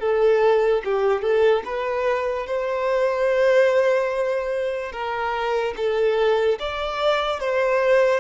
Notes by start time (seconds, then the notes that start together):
0.00 A4
0.84 G4
1.22 A4
1.65 B4
2.47 C5
4.92 A#4
5.76 A4
6.59 D5
7.40 C5